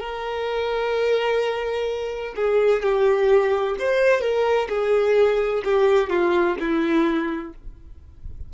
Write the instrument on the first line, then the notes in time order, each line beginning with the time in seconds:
violin
0.00 A#4
2.36 G#4
2.83 G4
3.79 C5
4.21 A#4
4.69 G#4
5.64 G4
6.10 F4
6.60 E4